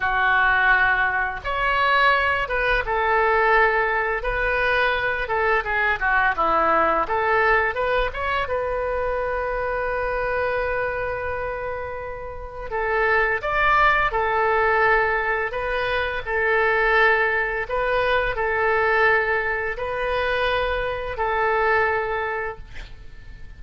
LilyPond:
\new Staff \with { instrumentName = "oboe" } { \time 4/4 \tempo 4 = 85 fis'2 cis''4. b'8 | a'2 b'4. a'8 | gis'8 fis'8 e'4 a'4 b'8 cis''8 | b'1~ |
b'2 a'4 d''4 | a'2 b'4 a'4~ | a'4 b'4 a'2 | b'2 a'2 | }